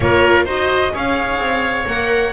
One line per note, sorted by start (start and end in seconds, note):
0.00 0.45 A#3
0.00 0.47 F4
0.00 0.45 A#4
0.00 0.46 C#5
0.45 0.92 D#4
0.45 0.92 F#4
0.45 0.91 C5
0.45 0.95 D#5
0.92 1.38 C#4
0.92 1.86 G#4
0.92 2.32 C#5
0.92 1.87 F5
1.38 1.85 C4
1.86 2.32 A#3
1.86 2.32 A#4
1.86 2.32 F#5